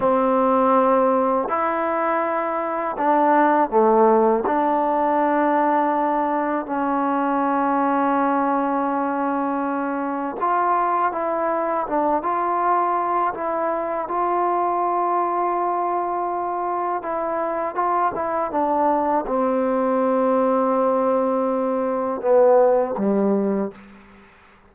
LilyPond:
\new Staff \with { instrumentName = "trombone" } { \time 4/4 \tempo 4 = 81 c'2 e'2 | d'4 a4 d'2~ | d'4 cis'2.~ | cis'2 f'4 e'4 |
d'8 f'4. e'4 f'4~ | f'2. e'4 | f'8 e'8 d'4 c'2~ | c'2 b4 g4 | }